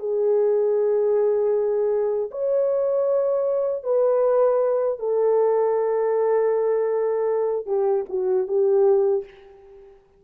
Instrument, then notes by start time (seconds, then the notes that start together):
horn
0.00 G#4
2.31 C#5
3.84 B4
4.99 A4
7.67 G4
8.09 F#4
8.48 G4